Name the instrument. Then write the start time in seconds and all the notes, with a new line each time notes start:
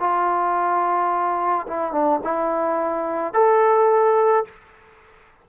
trombone
0.00 F4
1.68 E4
1.92 D4
2.24 E4
3.34 A4